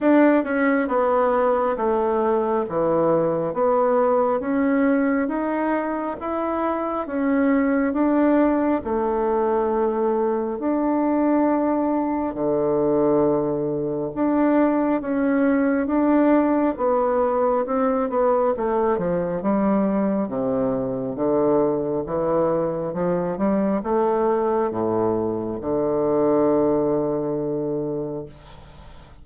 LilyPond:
\new Staff \with { instrumentName = "bassoon" } { \time 4/4 \tempo 4 = 68 d'8 cis'8 b4 a4 e4 | b4 cis'4 dis'4 e'4 | cis'4 d'4 a2 | d'2 d2 |
d'4 cis'4 d'4 b4 | c'8 b8 a8 f8 g4 c4 | d4 e4 f8 g8 a4 | a,4 d2. | }